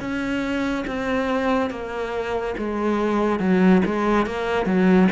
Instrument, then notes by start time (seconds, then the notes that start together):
cello
0.00 C#4
0.87 C4
1.70 A#3
2.57 G#3
3.39 F#3
3.85 G#3
4.26 A#3
4.66 F#3